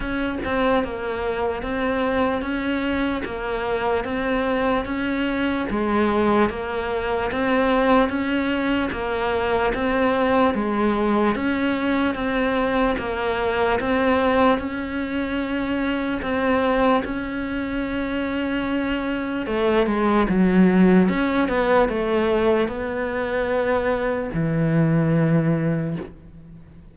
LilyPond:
\new Staff \with { instrumentName = "cello" } { \time 4/4 \tempo 4 = 74 cis'8 c'8 ais4 c'4 cis'4 | ais4 c'4 cis'4 gis4 | ais4 c'4 cis'4 ais4 | c'4 gis4 cis'4 c'4 |
ais4 c'4 cis'2 | c'4 cis'2. | a8 gis8 fis4 cis'8 b8 a4 | b2 e2 | }